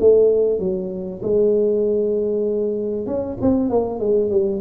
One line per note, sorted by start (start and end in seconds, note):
0.00 0.59 A3
0.59 1.21 F#3
1.23 3.06 G#3
3.06 3.37 C#4
3.41 3.69 C4
3.69 4.00 A#3
4.00 4.30 G#3
4.31 4.61 G3